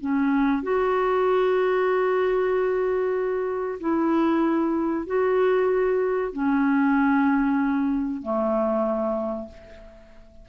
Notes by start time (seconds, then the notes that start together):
0.00 C#4
0.63 F#4
3.80 E4
5.06 F#4
6.32 C#4
8.22 A3